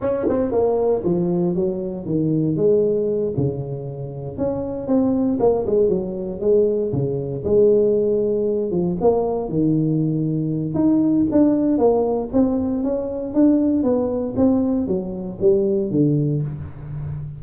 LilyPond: \new Staff \with { instrumentName = "tuba" } { \time 4/4 \tempo 4 = 117 cis'8 c'8 ais4 f4 fis4 | dis4 gis4. cis4.~ | cis8 cis'4 c'4 ais8 gis8 fis8~ | fis8 gis4 cis4 gis4.~ |
gis4 f8 ais4 dis4.~ | dis4 dis'4 d'4 ais4 | c'4 cis'4 d'4 b4 | c'4 fis4 g4 d4 | }